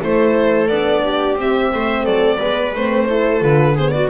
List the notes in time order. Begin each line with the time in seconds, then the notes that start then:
0.00 A3 E4 A4 C5
0.68 B3 D4 D5
1.05 G4
1.35 C4 E5
1.74 A3 C5
2.04 F#3 A4 D5
2.38 G#3 B3 B4
2.76 A3 C4 C5
3.08 E4 A4
3.40 D3 F4 B4
3.76 B3 G#4 C5
3.91 F#4 D5